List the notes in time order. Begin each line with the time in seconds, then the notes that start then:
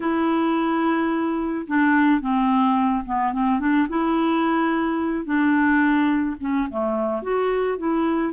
0.00 E4
1.67 D4
2.20 C4
3.05 B3
3.32 C4
3.59 D4
3.89 E4
5.25 D4
6.40 C#4
6.70 A3
7.22 F#4
7.78 E4